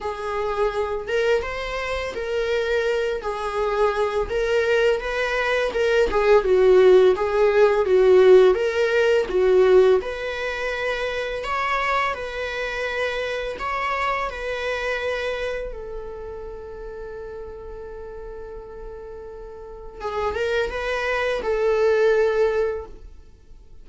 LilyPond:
\new Staff \with { instrumentName = "viola" } { \time 4/4 \tempo 4 = 84 gis'4. ais'8 c''4 ais'4~ | ais'8 gis'4. ais'4 b'4 | ais'8 gis'8 fis'4 gis'4 fis'4 | ais'4 fis'4 b'2 |
cis''4 b'2 cis''4 | b'2 a'2~ | a'1 | gis'8 ais'8 b'4 a'2 | }